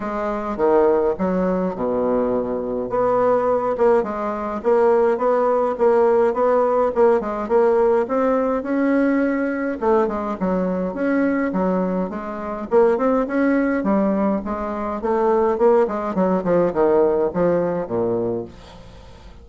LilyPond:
\new Staff \with { instrumentName = "bassoon" } { \time 4/4 \tempo 4 = 104 gis4 dis4 fis4 b,4~ | b,4 b4. ais8 gis4 | ais4 b4 ais4 b4 | ais8 gis8 ais4 c'4 cis'4~ |
cis'4 a8 gis8 fis4 cis'4 | fis4 gis4 ais8 c'8 cis'4 | g4 gis4 a4 ais8 gis8 | fis8 f8 dis4 f4 ais,4 | }